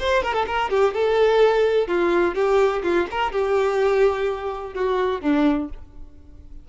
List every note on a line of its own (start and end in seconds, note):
0.00 0.23 C5
0.23 0.34 A#4
0.34 0.46 A4
0.47 0.70 A#4
0.70 0.94 G4
0.94 1.88 A4
1.88 2.35 F4
2.35 2.83 G4
2.83 3.07 F4
3.11 3.32 A#4
3.32 4.74 G4
4.74 5.22 F#4
5.22 5.69 D4